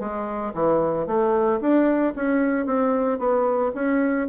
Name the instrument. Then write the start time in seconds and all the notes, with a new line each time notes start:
bassoon
0.00 G#3
0.54 E3
1.07 A3
1.61 D4
2.16 C#4
2.66 C4
3.19 B3
3.75 C#4